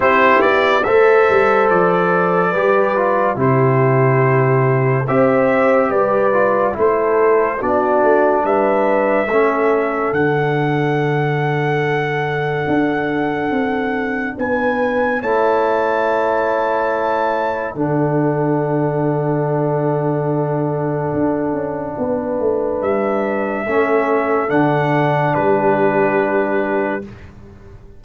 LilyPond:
<<
  \new Staff \with { instrumentName = "trumpet" } { \time 4/4 \tempo 4 = 71 c''8 d''8 e''4 d''2 | c''2 e''4 d''4 | c''4 d''4 e''2 | fis''1~ |
fis''4 gis''4 a''2~ | a''4 fis''2.~ | fis''2. e''4~ | e''4 fis''4 b'2 | }
  \new Staff \with { instrumentName = "horn" } { \time 4/4 g'4 c''2 b'4 | g'2 c''4 b'4 | a'4 fis'4 b'4 a'4~ | a'1~ |
a'4 b'4 cis''2~ | cis''4 a'2.~ | a'2 b'2 | a'2 g'2 | }
  \new Staff \with { instrumentName = "trombone" } { \time 4/4 e'4 a'2 g'8 f'8 | e'2 g'4. f'8 | e'4 d'2 cis'4 | d'1~ |
d'2 e'2~ | e'4 d'2.~ | d'1 | cis'4 d'2. | }
  \new Staff \with { instrumentName = "tuba" } { \time 4/4 c'8 b8 a8 g8 f4 g4 | c2 c'4 g4 | a4 b8 a8 g4 a4 | d2. d'4 |
c'4 b4 a2~ | a4 d2.~ | d4 d'8 cis'8 b8 a8 g4 | a4 d4 g2 | }
>>